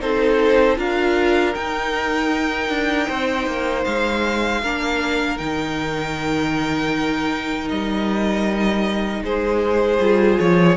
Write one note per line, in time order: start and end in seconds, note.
0.00 0.79 C4
0.00 0.77 D#4
0.00 0.78 A4
0.00 0.78 C5
0.77 1.55 D4
0.77 1.54 F4
0.77 3.08 A#4
0.77 1.55 F5
1.55 4.63 D#4
1.55 2.70 D#4
1.55 3.85 G5
2.70 3.08 D4
3.08 3.47 C4
3.08 4.62 C5
3.47 3.86 A#3
3.85 4.63 G#3
3.85 5.38 F5
4.62 5.40 A#3
4.62 5.38 D4
4.62 9.24 A#4
5.38 7.71 D#3
5.38 10.00 D#4
5.38 7.69 G5
7.69 9.22 G3
7.69 9.23 D#5
9.22 9.99 G#3
9.22 10.77 G#4
9.22 10.39 C5
10.00 10.39 G3
10.00 10.77 F4
10.39 10.77 F3
10.39 10.77 C#5